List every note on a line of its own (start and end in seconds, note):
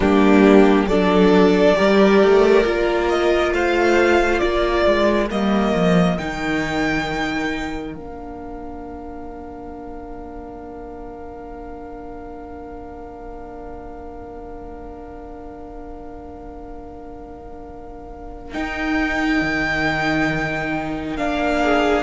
0.00 0.85 G3
0.00 0.90 A#3
0.00 0.86 D4
0.00 0.87 G4
0.85 1.74 F#3
0.85 1.75 D4
0.85 1.76 A4
0.85 3.08 D5
1.75 2.23 G3
1.75 2.63 G4
1.75 3.53 A#4
2.23 2.65 A3
2.65 3.52 A#3
2.65 5.29 F4
3.08 3.53 D#5
3.52 4.40 A3
3.52 4.42 C5
3.52 4.38 F5
4.38 4.86 A#3
4.38 21.63 A#4
4.38 5.26 D5
4.86 5.30 G#3
5.30 5.73 G3
5.30 6.18 A#3
5.30 6.17 D#5
5.73 6.17 F3
6.17 7.96 D#3
6.17 7.95 D#4
6.17 7.93 G5
7.93 18.54 A#3
7.93 18.53 D4
7.93 18.52 F5
18.53 21.17 D#4
18.53 19.41 D#4
18.53 21.16 G5
19.41 21.17 D#3
21.16 22.02 A#3
21.16 22.02 D4
21.16 22.02 F5
21.63 22.02 G#4